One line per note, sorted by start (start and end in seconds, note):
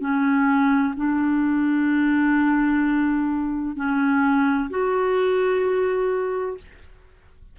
0.00 0.94 C#4
0.96 3.75 D4
3.75 4.69 C#4
4.70 6.57 F#4